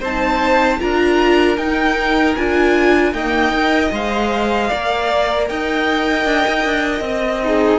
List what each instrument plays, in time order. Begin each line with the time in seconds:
0.00 cello C4, violin C5 A5
0.06 viola D#4
0.80 cello D4, viola F4, violin A#4 A#5
1.57 cello D#4, viola D#4, violin G5
2.36 cello D4, viola F4, violin G#5
3.13 viola A#3, cello D#4, violin D#5 G5
3.52 viola A#4
3.92 cello G#3, viola C5, violin F5
4.69 cello A#3, viola A#4, violin D5
5.48 cello D#4, violin D#5 G5
6.25 cello D4
6.47 cello D#4
6.65 cello D4
7.01 cello C4, violin D#5
7.43 violin D#4, viola G#4